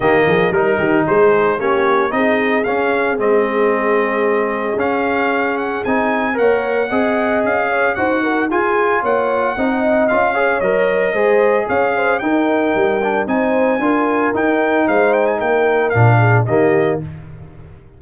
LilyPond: <<
  \new Staff \with { instrumentName = "trumpet" } { \time 4/4 \tempo 4 = 113 dis''4 ais'4 c''4 cis''4 | dis''4 f''4 dis''2~ | dis''4 f''4. fis''8 gis''4 | fis''2 f''4 fis''4 |
gis''4 fis''2 f''4 | dis''2 f''4 g''4~ | g''4 gis''2 g''4 | f''8 g''16 gis''16 g''4 f''4 dis''4 | }
  \new Staff \with { instrumentName = "horn" } { \time 4/4 g'8 gis'8 ais'8 g'8 gis'4 g'4 | gis'1~ | gis'1 | cis''4 dis''4. cis''8 c''8 ais'8 |
gis'4 cis''4 dis''4. cis''8~ | cis''4 c''4 cis''8 c''8 ais'4~ | ais'4 c''4 ais'2 | c''4 ais'4. gis'8 g'4 | }
  \new Staff \with { instrumentName = "trombone" } { \time 4/4 ais4 dis'2 cis'4 | dis'4 cis'4 c'2~ | c'4 cis'2 dis'4 | ais'4 gis'2 fis'4 |
f'2 dis'4 f'8 gis'8 | ais'4 gis'2 dis'4~ | dis'8 d'8 dis'4 f'4 dis'4~ | dis'2 d'4 ais4 | }
  \new Staff \with { instrumentName = "tuba" } { \time 4/4 dis8 f8 g8 dis8 gis4 ais4 | c'4 cis'4 gis2~ | gis4 cis'2 c'4 | ais4 c'4 cis'4 dis'4 |
f'4 ais4 c'4 cis'4 | fis4 gis4 cis'4 dis'4 | g4 c'4 d'4 dis'4 | gis4 ais4 ais,4 dis4 | }
>>